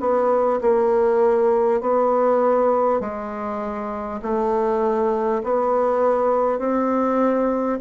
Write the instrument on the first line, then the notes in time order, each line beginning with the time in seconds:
bassoon
0.00 B3
0.62 A#3
1.81 B3
3.01 G#3
4.22 A3
5.44 B3
6.59 C4